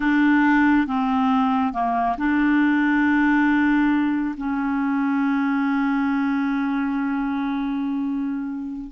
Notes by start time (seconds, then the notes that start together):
0.00 D4
0.87 C4
1.73 A#3
2.17 D4
4.37 C#4